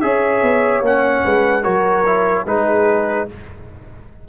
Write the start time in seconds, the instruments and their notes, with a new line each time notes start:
0.00 tuba C#4, trombone G#4, horn C#5, trumpet E5
0.42 tuba B3
0.81 tuba A#3, trombone C#4, trumpet F#5
1.25 tuba G#3, horn B4
1.63 tuba F#3, trombone F#4, horn A#4, trumpet C#5
2.06 trombone E4
2.45 tuba G#3, trombone D#4, horn G#4, trumpet B4